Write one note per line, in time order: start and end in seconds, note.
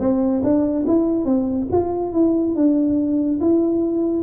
0.00 0.42 C4
0.44 0.86 D4
0.87 1.25 E4
1.25 1.67 C4
1.72 2.13 F4
2.13 2.55 E4
2.55 3.40 D4
3.41 4.23 E4